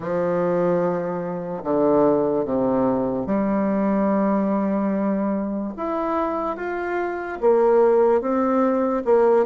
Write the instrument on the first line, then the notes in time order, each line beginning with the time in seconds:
bassoon
0.00 F3
1.63 D3
2.45 C3
3.26 G3
5.76 E4
6.56 F4
7.40 A#3
8.21 C4
9.04 A#3